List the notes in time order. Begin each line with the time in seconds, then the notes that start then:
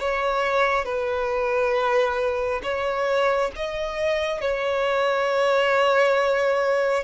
0.00 C#5
0.85 B4
2.63 C#5
3.56 D#5
4.41 C#5